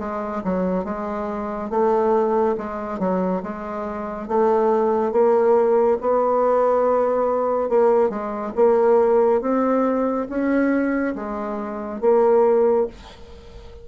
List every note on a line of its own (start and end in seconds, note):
0.00 0.43 G#3
0.45 0.85 F#3
0.85 1.70 G#3
1.70 2.56 A3
2.58 3.00 G#3
3.00 3.42 F#3
3.43 4.29 G#3
4.29 5.12 A3
5.12 5.98 A#3
6.01 7.69 B3
7.69 8.10 A#3
8.10 8.53 G#3
8.56 9.42 A#3
9.42 10.27 C4
10.30 11.15 C#4
11.16 12.02 G#3
12.02 12.87 A#3